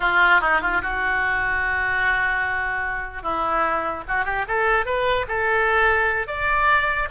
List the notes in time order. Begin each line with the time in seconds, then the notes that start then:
0.00 F4
0.41 D#4
0.61 F4
0.81 F#4
3.22 E4
4.07 F#4
4.25 G4
4.47 A4
4.85 B4
5.28 A4
6.27 D5